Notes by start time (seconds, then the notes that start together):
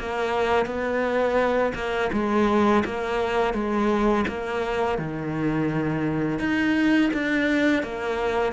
0.00 A#3
0.66 B3
1.75 A#3
2.13 G#3
2.85 A#3
3.54 G#3
4.28 A#3
4.99 D#3
6.40 D#4
7.14 D4
7.83 A#3